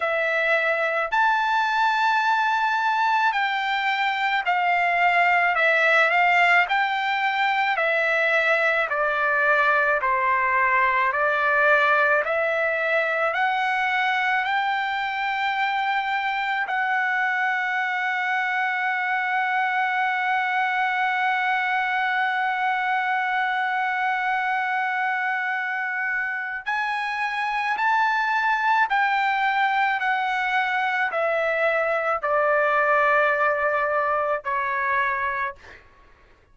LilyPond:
\new Staff \with { instrumentName = "trumpet" } { \time 4/4 \tempo 4 = 54 e''4 a''2 g''4 | f''4 e''8 f''8 g''4 e''4 | d''4 c''4 d''4 e''4 | fis''4 g''2 fis''4~ |
fis''1~ | fis''1 | gis''4 a''4 g''4 fis''4 | e''4 d''2 cis''4 | }